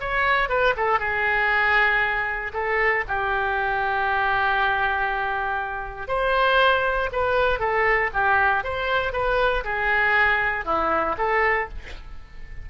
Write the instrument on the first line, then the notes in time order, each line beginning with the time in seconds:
oboe
0.00 C#5
0.49 B4
0.77 A4
0.99 G#4
2.53 A4
3.08 G4
6.08 C5
7.12 B4
7.59 A4
8.13 G4
8.63 C5
9.13 B4
9.64 G#4
10.65 E4
11.18 A4